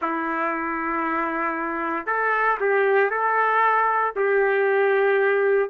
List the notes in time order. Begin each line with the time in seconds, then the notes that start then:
0.01 E4
2.06 A4
2.60 G4
3.10 A4
4.16 G4